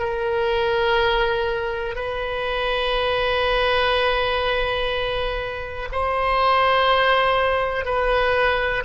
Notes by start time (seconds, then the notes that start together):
0.00 A#4
1.95 B4
5.92 C5
7.86 B4